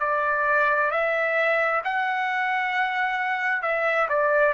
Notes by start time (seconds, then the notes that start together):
0.00 D5
0.91 E5
1.84 F#5
3.62 E5
4.09 D5